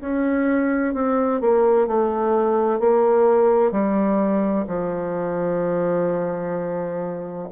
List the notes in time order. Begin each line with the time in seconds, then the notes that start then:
0.00 C#4
0.94 C4
1.40 A#3
1.87 A3
2.79 A#3
3.72 G3
4.67 F3